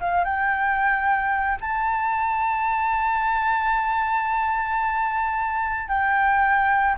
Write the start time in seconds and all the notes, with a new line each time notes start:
0.00 F5
0.24 G5
1.61 A5
5.88 G5